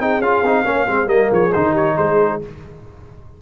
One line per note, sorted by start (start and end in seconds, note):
0.00 0.20 C4
0.00 0.22 D#4
0.00 0.65 G#4
0.00 0.22 G5
0.20 0.42 C#4
0.20 0.45 F4
0.20 1.09 F5
0.42 0.64 C4
0.42 0.65 D#4
0.65 0.87 A#3
0.65 0.87 C#4
0.65 0.87 C#5
0.88 1.07 G#3
0.88 1.07 C4
0.88 1.10 C5
1.07 1.29 G3
1.07 1.50 A#3
1.07 1.29 A#4
1.07 1.31 D#5
1.29 1.54 F3
1.29 1.73 G#4
1.29 1.53 C#5
1.53 1.98 D#3
1.53 2.42 D#4
1.53 1.75 C5
1.73 1.94 G4
1.73 1.98 C#5
1.98 2.42 G#3
1.98 2.41 G#4
1.98 2.41 C5